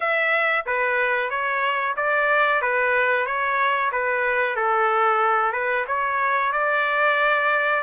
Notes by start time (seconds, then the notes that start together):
0.00 E5
0.66 B4
1.30 C#5
1.96 D5
2.61 B4
3.25 C#5
3.91 B4
4.56 A4
5.52 B4
5.87 C#5
6.52 D5